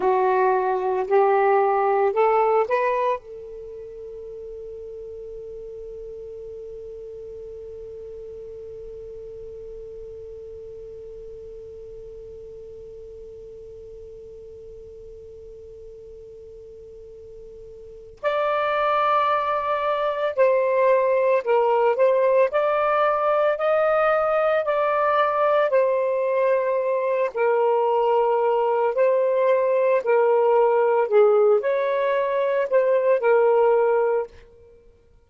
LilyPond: \new Staff \with { instrumentName = "saxophone" } { \time 4/4 \tempo 4 = 56 fis'4 g'4 a'8 b'8 a'4~ | a'1~ | a'1~ | a'1~ |
a'4 d''2 c''4 | ais'8 c''8 d''4 dis''4 d''4 | c''4. ais'4. c''4 | ais'4 gis'8 cis''4 c''8 ais'4 | }